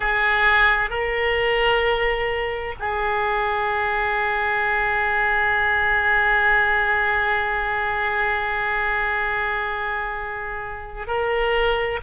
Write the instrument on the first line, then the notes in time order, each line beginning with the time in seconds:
oboe
0.00 G#4
0.89 A#4
2.79 G#4
11.07 A#4